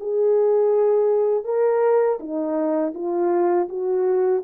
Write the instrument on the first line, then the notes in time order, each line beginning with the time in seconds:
horn
0.00 G#4
1.45 A#4
2.20 D#4
2.95 F4
3.69 F#4